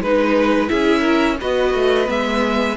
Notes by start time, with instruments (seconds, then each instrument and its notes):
0.00 cello G#3, viola D#4, violin B4
0.67 cello C#4, viola E4, violin G#4 E5
1.01 violin A#4
1.40 cello B3, viola F#4, violin B4 D#5
1.74 cello A3
2.06 cello G#3, viola B3, violin E5